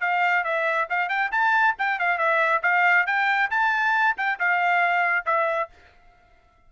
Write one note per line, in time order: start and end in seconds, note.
0.00 0.44 F5
0.44 0.87 E5
0.89 1.09 F5
1.09 1.31 G5
1.31 1.75 A5
1.78 1.99 G5
1.99 2.18 F5
2.18 2.61 E5
2.62 3.06 F5
3.06 3.50 G5
3.50 4.16 A5
4.17 4.39 G5
4.39 5.25 F5
5.25 5.69 E5